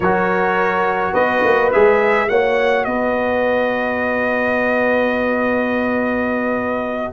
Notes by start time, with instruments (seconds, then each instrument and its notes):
0.00 tuba F#3, trombone F#4, horn A#4, trumpet C#5
1.13 tuba B3, horn B4, trumpet D#5
1.44 tuba A#3
1.72 tuba G#3, trombone G#4, trumpet E5
2.28 tuba A#3, trombone F#4, horn C#5, trumpet F#5
2.84 tuba B3, horn B4, trumpet D#5